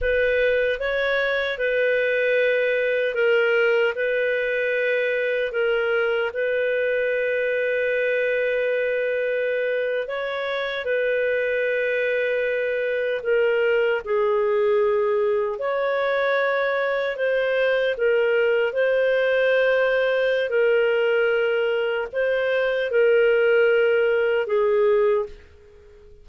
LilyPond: \new Staff \with { instrumentName = "clarinet" } { \time 4/4 \tempo 4 = 76 b'4 cis''4 b'2 | ais'4 b'2 ais'4 | b'1~ | b'8. cis''4 b'2~ b'16~ |
b'8. ais'4 gis'2 cis''16~ | cis''4.~ cis''16 c''4 ais'4 c''16~ | c''2 ais'2 | c''4 ais'2 gis'4 | }